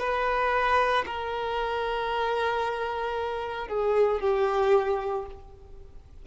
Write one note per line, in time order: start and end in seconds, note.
0.00 1.05 B4
1.07 3.68 A#4
3.68 4.21 G#4
4.21 5.26 G4